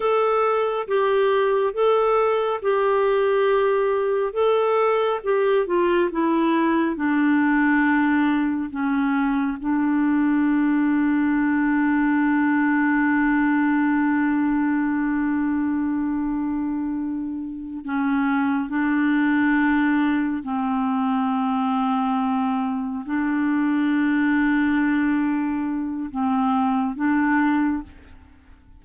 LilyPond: \new Staff \with { instrumentName = "clarinet" } { \time 4/4 \tempo 4 = 69 a'4 g'4 a'4 g'4~ | g'4 a'4 g'8 f'8 e'4 | d'2 cis'4 d'4~ | d'1~ |
d'1~ | d'8 cis'4 d'2 c'8~ | c'2~ c'8 d'4.~ | d'2 c'4 d'4 | }